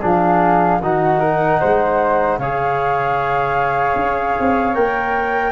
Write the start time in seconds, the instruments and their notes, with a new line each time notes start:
0.00 tuba F3, trombone D4, flute G#4 F5
0.81 tuba D#3, trombone D#4, flute F#4 F#5
1.20 flute A#4
1.60 tuba G#3, flute C5
2.39 tuba C#3, trombone G#4, flute C#5 F5
3.96 tuba C#4
4.40 tuba C4
4.75 tuba A#3, trombone A#4, flute G5